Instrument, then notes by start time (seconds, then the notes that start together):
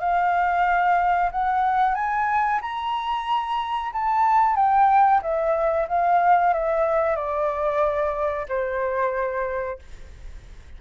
flute
0.00 F5
1.31 F#5
1.95 G#5
2.61 A#5
3.92 A5
4.56 G5
5.22 E5
5.88 F5
6.53 E5
7.16 D5
8.48 C5